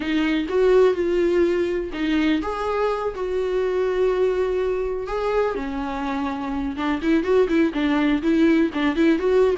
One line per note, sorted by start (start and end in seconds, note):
0.00 0.47 D#4
0.49 0.93 F#4
0.93 1.90 F4
1.93 2.41 D#4
2.41 3.14 G#4
3.15 5.07 F#4
5.07 5.55 G#4
5.55 6.76 C#4
6.76 7.00 D4
7.02 7.23 E4
7.23 7.47 F#4
7.48 7.72 E4
7.73 8.22 D4
8.22 8.70 E4
8.73 8.95 D4
8.95 9.18 E4
9.18 9.55 F#4